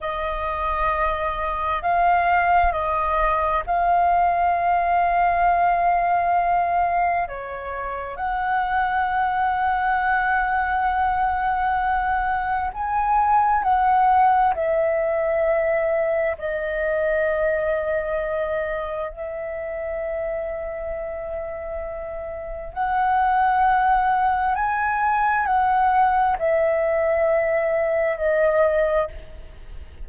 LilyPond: \new Staff \with { instrumentName = "flute" } { \time 4/4 \tempo 4 = 66 dis''2 f''4 dis''4 | f''1 | cis''4 fis''2.~ | fis''2 gis''4 fis''4 |
e''2 dis''2~ | dis''4 e''2.~ | e''4 fis''2 gis''4 | fis''4 e''2 dis''4 | }